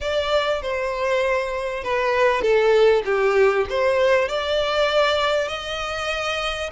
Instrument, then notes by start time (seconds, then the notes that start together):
violin
0.01 D5
0.62 C5
1.83 B4
2.41 A4
3.05 G4
3.69 C5
4.28 D5
5.47 D#5